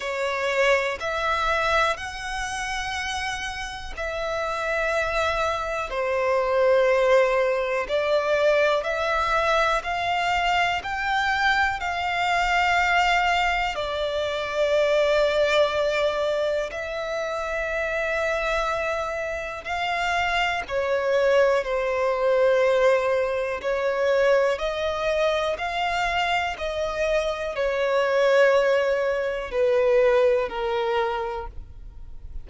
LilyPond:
\new Staff \with { instrumentName = "violin" } { \time 4/4 \tempo 4 = 61 cis''4 e''4 fis''2 | e''2 c''2 | d''4 e''4 f''4 g''4 | f''2 d''2~ |
d''4 e''2. | f''4 cis''4 c''2 | cis''4 dis''4 f''4 dis''4 | cis''2 b'4 ais'4 | }